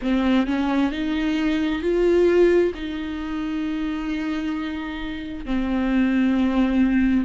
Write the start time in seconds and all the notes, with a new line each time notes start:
0.02 C4
0.46 C#4
0.91 D#4
1.82 F4
2.74 D#4
5.45 C4